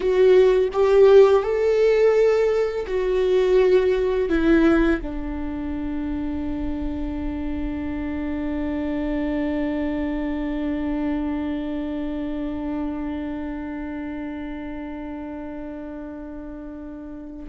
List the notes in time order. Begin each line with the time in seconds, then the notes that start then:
0.00 F#4
0.72 G4
1.43 A4
2.87 F#4
4.29 E4
5.01 D4